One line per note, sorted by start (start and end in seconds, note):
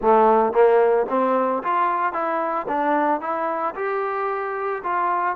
0.01 0.52 A3
0.52 1.06 A#3
1.09 1.62 C4
1.63 2.12 F4
2.12 2.66 E4
2.68 3.20 D4
3.20 3.74 E4
3.75 4.82 G4
4.83 5.36 F4